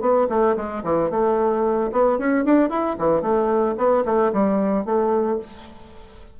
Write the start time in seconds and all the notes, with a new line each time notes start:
0.00 B3
0.29 A3
0.56 G#3
0.83 E3
1.10 A3
1.92 B3
2.18 C#4
2.45 D4
2.69 E4
2.98 E3
3.21 A3
3.77 B3
4.05 A3
4.33 G3
4.85 A3